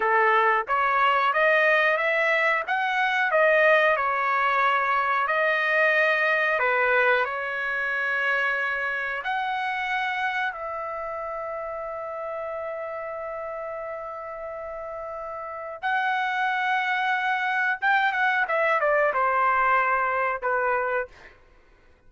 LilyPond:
\new Staff \with { instrumentName = "trumpet" } { \time 4/4 \tempo 4 = 91 a'4 cis''4 dis''4 e''4 | fis''4 dis''4 cis''2 | dis''2 b'4 cis''4~ | cis''2 fis''2 |
e''1~ | e''1 | fis''2. g''8 fis''8 | e''8 d''8 c''2 b'4 | }